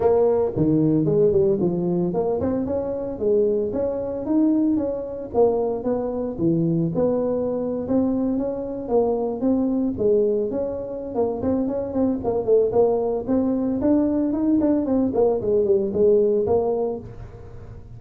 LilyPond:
\new Staff \with { instrumentName = "tuba" } { \time 4/4 \tempo 4 = 113 ais4 dis4 gis8 g8 f4 | ais8 c'8 cis'4 gis4 cis'4 | dis'4 cis'4 ais4 b4 | e4 b4.~ b16 c'4 cis'16~ |
cis'8. ais4 c'4 gis4 cis'16~ | cis'4 ais8 c'8 cis'8 c'8 ais8 a8 | ais4 c'4 d'4 dis'8 d'8 | c'8 ais8 gis8 g8 gis4 ais4 | }